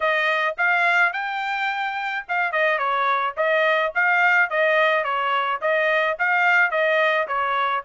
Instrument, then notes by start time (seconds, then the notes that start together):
trumpet
0.00 D#5
0.57 F5
1.12 G5
2.28 F5
2.52 D#5
2.78 C#5
3.36 D#5
3.94 F5
4.49 D#5
5.03 C#5
5.61 D#5
6.19 F5
6.71 D#5
7.27 C#5